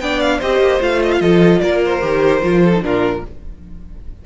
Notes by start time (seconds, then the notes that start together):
0.00 B3 D4 D5 G5
0.20 F5
0.38 C4 G4 C5 D#5
0.59 A#3
0.80 A3 F4 F5
1.03 D#5
1.12 F5
1.20 F3 A4 D#5
1.60 A#3 A#4 D5
1.85 C5
2.01 D#3 G4
2.42 F3 F4
2.64 A4
2.72 D#4
2.81 A#2 D4 F4 A#4